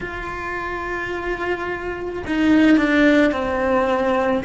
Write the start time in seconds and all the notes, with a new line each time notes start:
0.01 F4
2.26 D#4
2.77 D4
3.32 C4